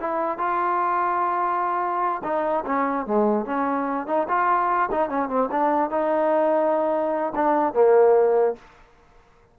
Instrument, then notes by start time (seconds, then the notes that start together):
trombone
0.00 E4
0.38 F4
2.24 D#4
2.65 C#4
3.06 G#3
3.46 C#4
4.07 D#4
4.28 F4
4.91 D#4
5.09 C#4
5.29 C4
5.51 D4
5.90 D#4
7.35 D4
7.74 A#3